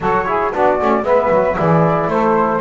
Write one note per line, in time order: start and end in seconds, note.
0.00 0.52 F#3
0.00 0.25 F#4
0.00 0.27 A4
0.00 0.55 C#5
0.25 0.52 E4
0.25 0.51 G#4
0.51 0.80 B3
0.51 0.79 D4
0.51 1.04 F#4
0.51 1.04 D5
0.80 1.02 A3
0.80 1.03 C#4
1.02 1.28 G#3
1.02 1.54 B3
1.02 1.58 B4
1.02 1.56 E5
1.30 1.56 F#3
1.54 2.07 E3
1.54 2.59 E4
1.54 2.09 G#4
1.54 2.09 D5
2.07 2.60 A3
2.07 2.61 A4
2.07 2.61 C5